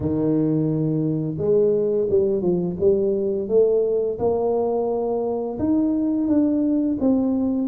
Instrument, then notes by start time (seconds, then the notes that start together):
tuba
0.00 D#3
1.38 G#3
2.10 G3
2.41 F3
2.79 G3
3.48 A3
4.19 A#3
5.58 D#4
6.27 D4
7.00 C4